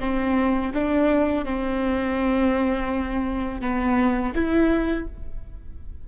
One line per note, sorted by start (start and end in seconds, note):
0.00 0.72 C4
0.74 1.45 D4
1.45 3.61 C4
3.61 4.33 B3
4.35 5.07 E4